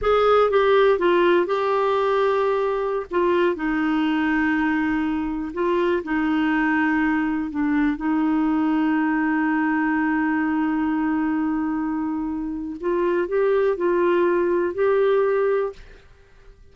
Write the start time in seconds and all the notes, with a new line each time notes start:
0.01 G#4
0.50 G4
0.99 F4
1.46 G4
3.11 F4
3.55 D#4
5.53 F4
6.03 D#4
7.50 D4
7.96 D#4
12.80 F4
13.28 G4
13.76 F4
14.74 G4